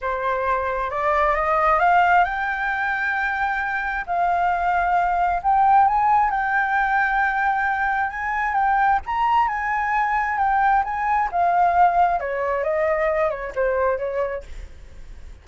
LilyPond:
\new Staff \with { instrumentName = "flute" } { \time 4/4 \tempo 4 = 133 c''2 d''4 dis''4 | f''4 g''2.~ | g''4 f''2. | g''4 gis''4 g''2~ |
g''2 gis''4 g''4 | ais''4 gis''2 g''4 | gis''4 f''2 cis''4 | dis''4. cis''8 c''4 cis''4 | }